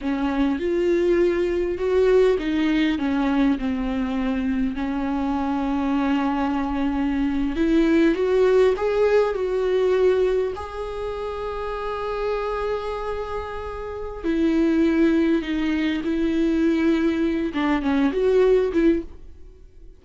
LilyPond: \new Staff \with { instrumentName = "viola" } { \time 4/4 \tempo 4 = 101 cis'4 f'2 fis'4 | dis'4 cis'4 c'2 | cis'1~ | cis'8. e'4 fis'4 gis'4 fis'16~ |
fis'4.~ fis'16 gis'2~ gis'16~ | gis'1 | e'2 dis'4 e'4~ | e'4. d'8 cis'8 fis'4 e'8 | }